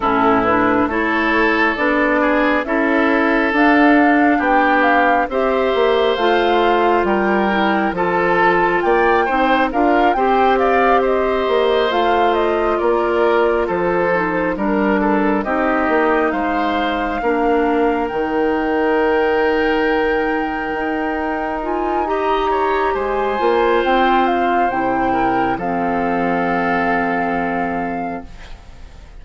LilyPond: <<
  \new Staff \with { instrumentName = "flute" } { \time 4/4 \tempo 4 = 68 a'8 b'8 cis''4 d''4 e''4 | f''4 g''8 f''8 e''4 f''4 | g''4 a''4 g''4 f''8 g''8 | f''8 dis''4 f''8 dis''8 d''4 c''8~ |
c''8 ais'4 dis''4 f''4.~ | f''8 g''2.~ g''8~ | g''8 gis''8 ais''4 gis''4 g''8 f''8 | g''4 f''2. | }
  \new Staff \with { instrumentName = "oboe" } { \time 4/4 e'4 a'4. gis'8 a'4~ | a'4 g'4 c''2 | ais'4 a'4 d''8 c''8 ais'8 c''8 | d''8 c''2 ais'4 a'8~ |
a'8 ais'8 a'8 g'4 c''4 ais'8~ | ais'1~ | ais'4 dis''8 cis''8 c''2~ | c''8 ais'8 a'2. | }
  \new Staff \with { instrumentName = "clarinet" } { \time 4/4 cis'8 d'8 e'4 d'4 e'4 | d'2 g'4 f'4~ | f'8 e'8 f'4. dis'8 f'8 g'8~ | g'4. f'2~ f'8 |
dis'8 d'4 dis'2 d'8~ | d'8 dis'2.~ dis'8~ | dis'8 f'8 g'4. f'4. | e'4 c'2. | }
  \new Staff \with { instrumentName = "bassoon" } { \time 4/4 a,4 a4 b4 cis'4 | d'4 b4 c'8 ais8 a4 | g4 f4 ais8 c'8 d'8 c'8~ | c'4 ais8 a4 ais4 f8~ |
f8 g4 c'8 ais8 gis4 ais8~ | ais8 dis2. dis'8~ | dis'2 gis8 ais8 c'4 | c4 f2. | }
>>